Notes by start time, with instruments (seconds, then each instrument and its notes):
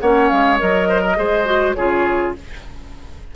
0.00 bassoon A#3, clarinet C#4, oboe C#5, flute F#5
0.28 bassoon G#3, flute F5
0.58 bassoon F#3, clarinet A#4, flute D#5
0.88 oboe C5
1.01 oboe A#4
1.16 bassoon G#3, clarinet G#4, oboe C5
1.45 clarinet F#4
1.73 bassoon C#3, clarinet F4, oboe G#4, flute C#5